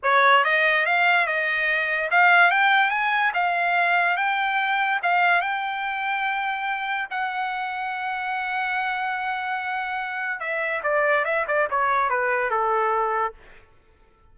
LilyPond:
\new Staff \with { instrumentName = "trumpet" } { \time 4/4 \tempo 4 = 144 cis''4 dis''4 f''4 dis''4~ | dis''4 f''4 g''4 gis''4 | f''2 g''2 | f''4 g''2.~ |
g''4 fis''2.~ | fis''1~ | fis''4 e''4 d''4 e''8 d''8 | cis''4 b'4 a'2 | }